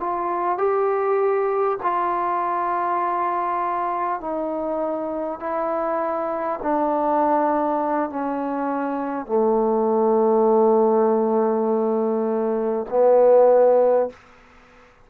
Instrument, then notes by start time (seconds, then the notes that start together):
trombone
0.00 F4
0.58 G4
1.83 F4
4.21 D#4
5.40 E4
6.63 D4
8.09 C#4
9.26 A3
12.89 B3